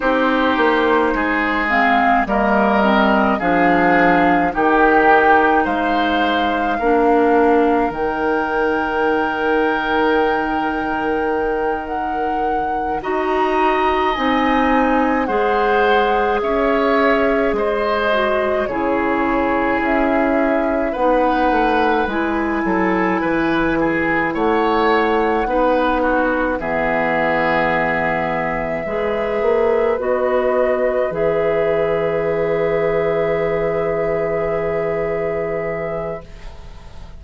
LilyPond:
<<
  \new Staff \with { instrumentName = "flute" } { \time 4/4 \tempo 4 = 53 c''4. f''8 dis''4 f''4 | g''4 f''2 g''4~ | g''2~ g''8 fis''4 ais''8~ | ais''8 gis''4 fis''4 e''4 dis''8~ |
dis''8 cis''4 e''4 fis''4 gis''8~ | gis''4. fis''2 e''8~ | e''2~ e''8 dis''4 e''8~ | e''1 | }
  \new Staff \with { instrumentName = "oboe" } { \time 4/4 g'4 gis'4 ais'4 gis'4 | g'4 c''4 ais'2~ | ais'2.~ ais'8 dis''8~ | dis''4. c''4 cis''4 c''8~ |
c''8 gis'2 b'4. | a'8 b'8 gis'8 cis''4 b'8 fis'8 gis'8~ | gis'4. b'2~ b'8~ | b'1 | }
  \new Staff \with { instrumentName = "clarinet" } { \time 4/4 dis'4. c'8 ais8 c'8 d'4 | dis'2 d'4 dis'4~ | dis'2.~ dis'8 fis'8~ | fis'8 dis'4 gis'2~ gis'8 |
fis'8 e'2 dis'4 e'8~ | e'2~ e'8 dis'4 b8~ | b4. gis'4 fis'4 gis'8~ | gis'1 | }
  \new Staff \with { instrumentName = "bassoon" } { \time 4/4 c'8 ais8 gis4 g4 f4 | dis4 gis4 ais4 dis4~ | dis2.~ dis8 dis'8~ | dis'8 c'4 gis4 cis'4 gis8~ |
gis8 cis4 cis'4 b8 a8 gis8 | fis8 e4 a4 b4 e8~ | e4. gis8 ais8 b4 e8~ | e1 | }
>>